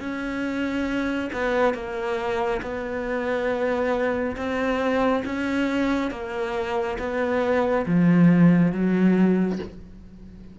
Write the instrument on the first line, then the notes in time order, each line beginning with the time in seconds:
cello
0.00 C#4
1.33 B3
1.74 A#3
2.62 B3
4.37 C4
5.25 C#4
6.11 A#3
6.99 B3
7.86 F3
8.72 F#3